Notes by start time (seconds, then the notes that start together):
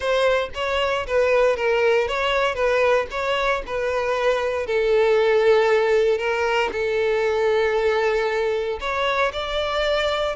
0.00 C5
0.54 C#5
1.06 B4
1.56 A#4
2.08 C#5
2.54 B4
3.10 C#5
3.66 B4
4.66 A4
6.18 A#4
6.72 A4
8.80 C#5
9.32 D5